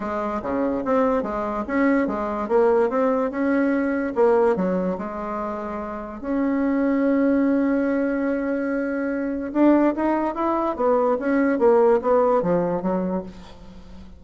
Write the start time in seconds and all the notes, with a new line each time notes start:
0.00 G#3
0.42 C#3
0.84 C4
1.23 G#3
1.67 C#4
2.07 G#3
2.48 A#3
2.89 C4
3.30 C#4
4.15 A#3
4.56 F#3
4.98 G#3
6.21 C#4
9.52 D4
9.95 D#4
10.34 E4
10.76 B3
11.19 C#4
11.58 A#3
12.01 B3
12.42 F3
12.81 F#3